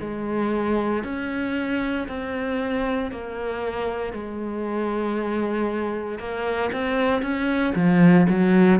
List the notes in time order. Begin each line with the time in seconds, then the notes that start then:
0.00 G#3
1.03 C#4
2.08 C4
3.11 A#3
4.12 G#3
6.18 A#3
6.72 C4
7.22 C#4
7.75 F3
8.29 F#3